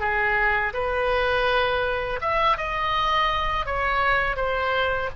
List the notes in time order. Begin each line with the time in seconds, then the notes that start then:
0.00 G#4
0.74 B4
2.22 E5
2.57 D#5
3.66 C#5
4.36 C5